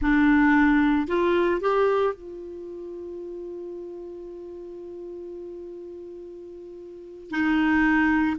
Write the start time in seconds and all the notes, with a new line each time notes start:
0.01 D4
1.07 F4
1.60 G4
2.14 F4
7.30 D#4